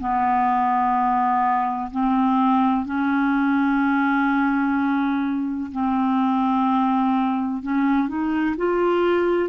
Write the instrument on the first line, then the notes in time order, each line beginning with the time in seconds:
clarinet
0.00 B3
1.91 C4
2.85 C#4
5.72 C4
7.63 C#4
8.08 D#4
8.57 F4